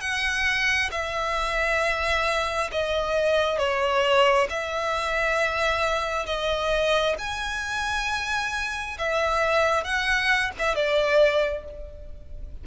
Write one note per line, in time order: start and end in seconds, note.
0.00 0.90 F#5
0.91 2.70 E5
2.72 3.57 D#5
3.57 4.47 C#5
4.49 6.26 E5
6.26 7.15 D#5
7.18 8.97 G#5
8.98 9.84 E5
9.84 10.51 F#5
10.58 10.75 E5
10.75 11.64 D5